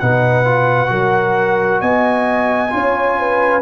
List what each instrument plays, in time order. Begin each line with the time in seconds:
0.00 tuba B2, trombone D#4, horn B4, trumpet F#5
0.45 trombone F4
0.87 tuba F#3, trombone F#4, horn A#4
1.81 tuba B3, horn D#5, trumpet G#5
2.70 tuba C#4, trombone F4, horn C#5
3.20 horn B4